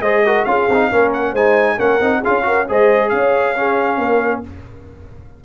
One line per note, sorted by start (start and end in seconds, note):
0.00 0.44 G#3
0.00 0.25 G#4
0.00 0.24 C5
0.00 0.45 D#5
0.25 0.46 F#4
0.25 0.47 A#4
0.45 0.68 C#4
0.45 0.68 F4
0.45 0.91 G#4
0.45 1.11 F5
0.68 0.90 C4
0.68 0.91 D#4
0.91 1.32 A#3
0.91 1.35 C#4
0.91 1.32 A#4
1.12 1.34 F#5
1.32 1.77 G#3
1.32 1.78 D#4
1.32 1.76 C5
1.32 1.79 G#5
1.77 2.00 A#3
1.77 2.00 C#4
1.77 2.20 A#4
1.77 2.23 F#5
2.00 2.22 C4
2.00 2.22 D#4
2.20 2.43 F4
2.20 2.43 G#4
2.20 2.68 F5
2.27 2.69 C#4
2.43 2.65 F#4
2.43 2.68 A#4
2.68 3.12 G#3
2.68 3.55 G#4
2.68 3.13 C5
2.68 3.09 D#5
3.09 3.98 C#4
3.09 3.58 C#5
3.09 4.41 F5
3.55 4.43 C#4
3.55 4.00 G#4
3.98 4.42 A#3
3.98 4.44 A#4